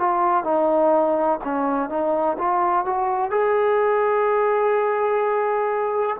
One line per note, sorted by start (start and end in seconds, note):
0.00 0.44 F4
0.44 1.39 D#4
1.44 1.90 C#4
1.90 2.37 D#4
2.38 2.86 F4
2.86 3.31 F#4
3.31 6.16 G#4